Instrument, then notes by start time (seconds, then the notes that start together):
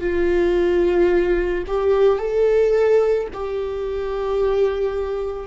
viola
0.00 F4
1.67 G4
2.18 A4
3.33 G4